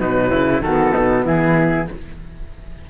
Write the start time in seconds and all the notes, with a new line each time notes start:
0.00 B2 F#3 D#4 B4
0.31 C#3 E4
0.61 D#3 B3 F#4 A4
0.92 B2 D#4
1.25 E3 E4 G#4